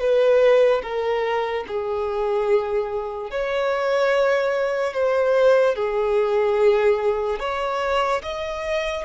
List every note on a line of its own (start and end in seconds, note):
0.00 0.82 B4
0.83 1.65 A#4
1.68 3.31 G#4
3.31 4.94 C#5
4.94 5.76 C5
5.76 7.40 G#4
7.40 8.22 C#5
8.23 9.05 D#5